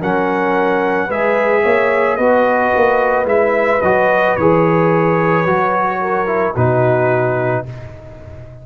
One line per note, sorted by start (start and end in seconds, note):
0.00 1.08 F#3
0.00 1.09 C#4
0.00 1.06 A#4
0.00 1.11 F#5
1.06 1.63 G#3
1.06 2.19 G#4
1.06 1.61 B4
1.06 2.16 E5
1.62 2.17 A#3
1.62 2.17 C#5
2.16 2.72 B3
2.16 3.25 F#4
2.16 5.99 B4
2.16 3.25 D#5
2.75 3.24 A#3
3.24 3.79 G#3
3.24 3.80 E4
3.24 3.81 E5
3.81 4.36 F#3
3.81 4.38 F#4
3.81 4.36 D#5
4.36 5.45 E3
4.36 5.46 G#4
4.36 6.54 C#5
5.45 6.55 F#3
5.45 6.26 F#4
6.00 6.54 A#4
6.26 6.53 E4
6.54 7.65 B2
6.54 7.66 D#4
6.54 7.63 F#4
6.54 7.65 B4